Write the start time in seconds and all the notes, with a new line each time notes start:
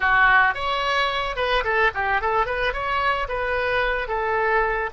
0.00 F#4
0.54 C#5
1.36 B4
1.64 A4
1.94 G4
2.21 A4
2.45 B4
2.73 C#5
3.28 B4
4.08 A4